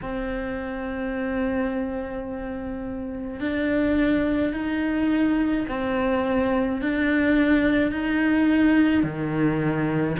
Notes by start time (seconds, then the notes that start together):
0.02 C4
3.40 D4
4.53 D#4
5.68 C4
6.81 D4
7.91 D#4
9.03 D#3